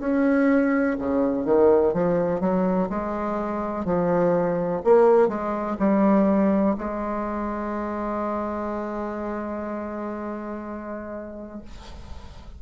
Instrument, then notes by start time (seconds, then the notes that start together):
bassoon
0.00 C#4
0.99 C#3
1.45 D#3
1.94 F3
2.41 F#3
2.89 G#3
3.85 F3
4.84 A#3
5.28 G#3
5.79 G3
6.78 G#3